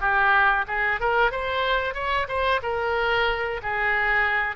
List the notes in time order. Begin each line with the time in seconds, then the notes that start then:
0.00 G4
0.68 G#4
1.00 A#4
1.31 C5
1.94 C#5
2.28 C5
2.63 A#4
3.63 G#4